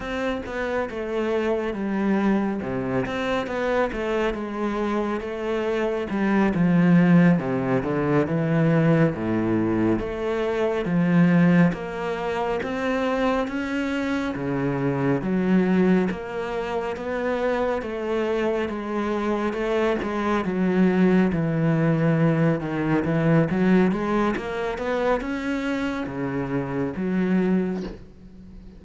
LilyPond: \new Staff \with { instrumentName = "cello" } { \time 4/4 \tempo 4 = 69 c'8 b8 a4 g4 c8 c'8 | b8 a8 gis4 a4 g8 f8~ | f8 c8 d8 e4 a,4 a8~ | a8 f4 ais4 c'4 cis'8~ |
cis'8 cis4 fis4 ais4 b8~ | b8 a4 gis4 a8 gis8 fis8~ | fis8 e4. dis8 e8 fis8 gis8 | ais8 b8 cis'4 cis4 fis4 | }